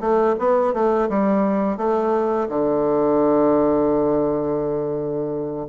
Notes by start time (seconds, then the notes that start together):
0.00 A3
0.39 B3
0.73 A3
1.09 G3
1.77 A3
2.48 D3